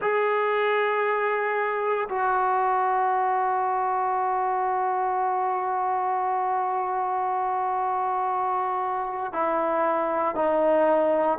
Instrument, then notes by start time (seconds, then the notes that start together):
trombone
0.01 G#4
2.09 F#4
9.32 E4
10.34 D#4